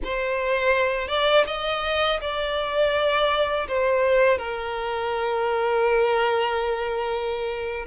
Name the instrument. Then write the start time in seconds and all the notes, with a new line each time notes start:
violin
0.04 C5
1.07 D5
1.46 D#5
2.21 D5
3.68 C5
4.37 A#4